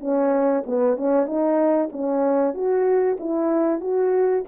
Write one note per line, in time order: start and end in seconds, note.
0.00 0.63 C#4
0.66 0.97 B3
0.97 1.26 C#4
1.26 1.89 D#4
1.92 2.54 C#4
2.54 3.18 F#4
3.20 3.81 E4
3.81 4.44 F#4